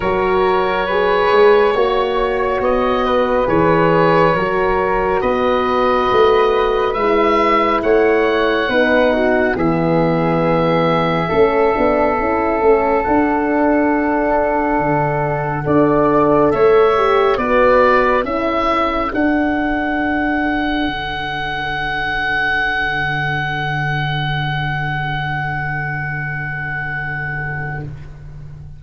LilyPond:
<<
  \new Staff \with { instrumentName = "oboe" } { \time 4/4 \tempo 4 = 69 cis''2. dis''4 | cis''2 dis''2 | e''4 fis''2 e''4~ | e''2. fis''4~ |
fis''2. e''4 | d''4 e''4 fis''2~ | fis''1~ | fis''1 | }
  \new Staff \with { instrumentName = "flute" } { \time 4/4 ais'4 b'4 cis''4. b'8~ | b'4 ais'4 b'2~ | b'4 cis''4 b'8 fis'8 gis'4~ | gis'4 a'2.~ |
a'2 d''4 cis''4 | b'4 a'2.~ | a'1~ | a'1 | }
  \new Staff \with { instrumentName = "horn" } { \time 4/4 fis'4 gis'4 fis'2 | gis'4 fis'2. | e'2 dis'4 b4~ | b4 cis'8 d'8 e'8 cis'8 d'4~ |
d'2 a'4. g'8 | fis'4 e'4 d'2~ | d'1~ | d'1 | }
  \new Staff \with { instrumentName = "tuba" } { \time 4/4 fis4. gis8 ais4 b4 | e4 fis4 b4 a4 | gis4 a4 b4 e4~ | e4 a8 b8 cis'8 a8 d'4~ |
d'4 d4 d'4 a4 | b4 cis'4 d'2 | d1~ | d1 | }
>>